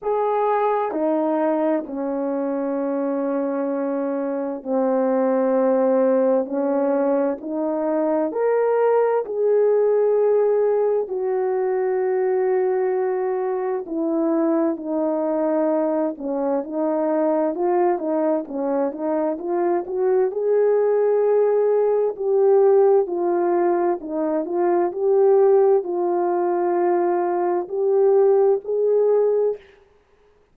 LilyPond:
\new Staff \with { instrumentName = "horn" } { \time 4/4 \tempo 4 = 65 gis'4 dis'4 cis'2~ | cis'4 c'2 cis'4 | dis'4 ais'4 gis'2 | fis'2. e'4 |
dis'4. cis'8 dis'4 f'8 dis'8 | cis'8 dis'8 f'8 fis'8 gis'2 | g'4 f'4 dis'8 f'8 g'4 | f'2 g'4 gis'4 | }